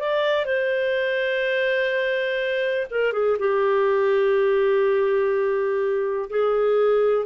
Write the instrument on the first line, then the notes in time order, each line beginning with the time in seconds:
clarinet
0.00 D5
0.46 C5
2.91 A#4
3.13 G#4
3.39 G4
6.30 G#4